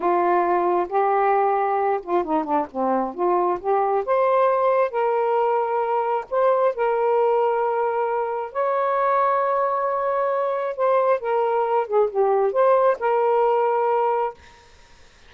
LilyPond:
\new Staff \with { instrumentName = "saxophone" } { \time 4/4 \tempo 4 = 134 f'2 g'2~ | g'8 f'8 dis'8 d'8 c'4 f'4 | g'4 c''2 ais'4~ | ais'2 c''4 ais'4~ |
ais'2. cis''4~ | cis''1 | c''4 ais'4. gis'8 g'4 | c''4 ais'2. | }